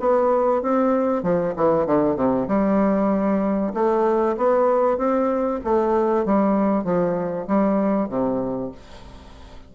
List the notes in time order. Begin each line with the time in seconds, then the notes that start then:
0.00 B3
0.62 C4
1.23 F3
1.57 E3
1.86 D3
2.16 C3
2.48 G3
3.74 A3
4.37 B3
4.98 C4
5.64 A3
6.25 G3
6.84 F3
7.47 G3
8.09 C3